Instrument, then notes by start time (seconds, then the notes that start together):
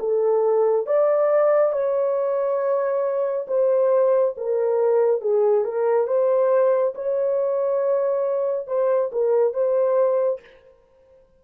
horn
0.00 A4
0.87 D5
1.73 C#5
3.48 C5
4.38 A#4
5.22 G#4
5.65 A#4
6.08 C5
6.95 C#5
8.68 C5
9.12 A#4
9.54 C5